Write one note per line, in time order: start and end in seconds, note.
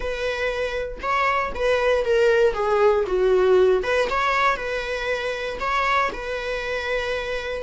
0.00 0.98 B4
1.01 1.52 C#5
1.54 2.04 B4
2.04 2.53 A#4
2.53 3.04 G#4
3.06 3.83 F#4
3.83 4.08 B4
4.09 4.56 C#5
4.56 5.58 B4
5.60 6.11 C#5
6.12 7.62 B4